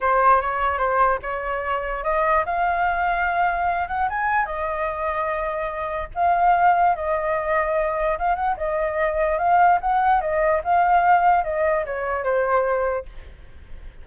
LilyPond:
\new Staff \with { instrumentName = "flute" } { \time 4/4 \tempo 4 = 147 c''4 cis''4 c''4 cis''4~ | cis''4 dis''4 f''2~ | f''4. fis''8 gis''4 dis''4~ | dis''2. f''4~ |
f''4 dis''2. | f''8 fis''8 dis''2 f''4 | fis''4 dis''4 f''2 | dis''4 cis''4 c''2 | }